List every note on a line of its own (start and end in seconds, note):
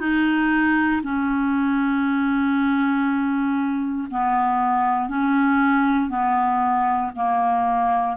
0.00 1.02 D#4
1.04 4.09 C#4
4.11 5.09 B3
5.09 6.10 C#4
6.10 7.11 B3
7.16 8.17 A#3